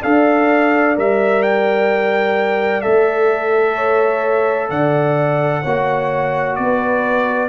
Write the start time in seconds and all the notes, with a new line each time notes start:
0.00 D4 A4 D5 F5
0.96 G3 A#4 E5
1.43 G5
2.82 A3 A4 E5
3.75 C#5
4.70 D3 D5 F#5
5.62 A#3 F#4 C#5
6.56 B3 B4 D5